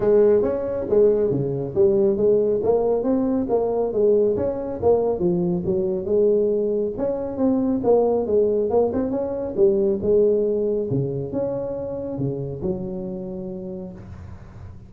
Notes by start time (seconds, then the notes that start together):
0.00 G#3
0.42 C#4
0.89 G#3
1.30 C#3
1.75 G3
2.16 G#3
2.63 A#3
3.03 C4
3.49 A#3
3.92 G#3
4.36 C#4
4.81 A#3
5.19 F3
5.65 F#3
6.05 G#3
6.97 C#4
7.37 C4
7.83 A#3
8.26 G#3
8.70 A#3
8.93 C4
9.11 C#4
9.56 G3
10.02 G#3
10.90 C#3
11.32 C#4
12.17 C#3
12.61 F#3